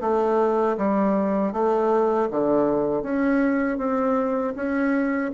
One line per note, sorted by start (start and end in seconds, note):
0.00 0.76 A3
0.77 1.52 G3
1.52 2.28 A3
2.30 3.02 D3
3.02 3.78 C#4
3.78 4.54 C4
4.55 5.31 C#4